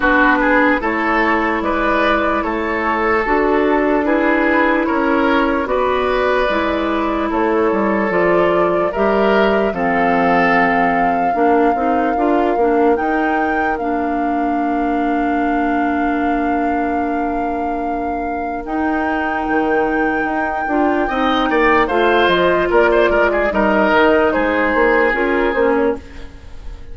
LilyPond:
<<
  \new Staff \with { instrumentName = "flute" } { \time 4/4 \tempo 4 = 74 b'4 cis''4 d''4 cis''4 | a'4 b'4 cis''4 d''4~ | d''4 cis''4 d''4 e''4 | f''1 |
g''4 f''2.~ | f''2. g''4~ | g''2. f''8 dis''8 | d''4 dis''4 c''4 ais'8 c''16 cis''16 | }
  \new Staff \with { instrumentName = "oboe" } { \time 4/4 fis'8 gis'8 a'4 b'4 a'4~ | a'4 gis'4 ais'4 b'4~ | b'4 a'2 ais'4 | a'2 ais'2~ |
ais'1~ | ais'1~ | ais'2 dis''8 d''8 c''4 | ais'16 c''16 ais'16 gis'16 ais'4 gis'2 | }
  \new Staff \with { instrumentName = "clarinet" } { \time 4/4 d'4 e'2. | fis'4 e'2 fis'4 | e'2 f'4 g'4 | c'2 d'8 dis'8 f'8 d'8 |
dis'4 d'2.~ | d'2. dis'4~ | dis'4. f'8 dis'4 f'4~ | f'4 dis'2 f'8 cis'8 | }
  \new Staff \with { instrumentName = "bassoon" } { \time 4/4 b4 a4 gis4 a4 | d'2 cis'4 b4 | gis4 a8 g8 f4 g4 | f2 ais8 c'8 d'8 ais8 |
dis'4 ais2.~ | ais2. dis'4 | dis4 dis'8 d'8 c'8 ais8 a8 f8 | ais8 gis8 g8 dis8 gis8 ais8 cis'8 ais8 | }
>>